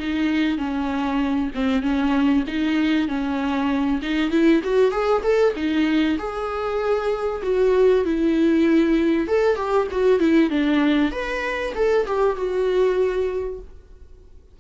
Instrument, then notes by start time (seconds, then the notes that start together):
viola
0.00 D#4
0.58 C#4
1.55 C4
1.83 C#4
2.47 D#4
3.09 C#4
4.03 D#4
4.31 E4
4.64 F#4
4.92 G#4
5.23 A4
5.56 D#4
6.19 G#4
7.43 F#4
8.05 E4
9.28 A4
9.57 G4
9.92 F#4
10.20 E4
10.51 D4
11.12 B4
11.76 A4
12.07 G4
12.37 F#4